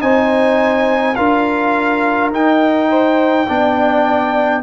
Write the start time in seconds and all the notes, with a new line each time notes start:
0.00 C4 D#4 C5 G#5
1.15 D4 F4 A#4 F5
2.31 D#4 G5
2.89 C5
3.47 B3 D4 D5